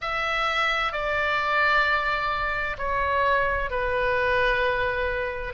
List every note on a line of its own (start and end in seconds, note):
0.01 0.92 E5
0.92 2.77 D5
2.77 3.70 C#5
3.70 5.53 B4